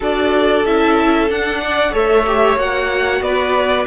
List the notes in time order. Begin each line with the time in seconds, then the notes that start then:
0.00 D4 F#4 A4 D5
0.65 C#4 E4 E5
1.29 D4 F#5
1.61 D5
1.91 A3 A4 C#5 E5
2.26 G4
2.56 A#3 F#4 F#5
3.20 B3 B4 D5